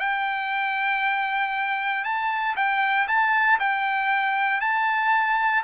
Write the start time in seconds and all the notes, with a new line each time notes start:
0.00 G5
2.04 A5
2.57 G5
3.08 A5
3.60 G5
4.61 A5